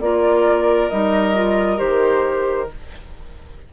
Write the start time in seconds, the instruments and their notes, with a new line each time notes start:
0.00 bassoon A#3, clarinet F4, oboe A#4, flute D5
0.89 bassoon G3, clarinet D#4, flute D#5
1.34 clarinet F4
1.77 bassoon D#3, clarinet G4, flute C5